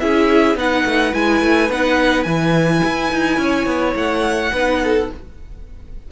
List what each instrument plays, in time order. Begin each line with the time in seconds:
0.00 cello C#4, viola E4, violin G#4 E5
0.56 cello B3, viola D#4, violin B4 F#5
0.85 cello A3
1.13 cello G#3, viola E4, violin G#5
1.42 cello A3
1.70 cello B3, viola D#4, violin F#5
2.24 cello E3, viola E4, violin G#5
2.84 cello E4
3.12 cello D#4
3.38 cello C#4, violin C#5
3.67 cello B3
3.96 cello A3, violin F#5
4.53 cello B3, viola D#4, violin B4
4.84 violin A4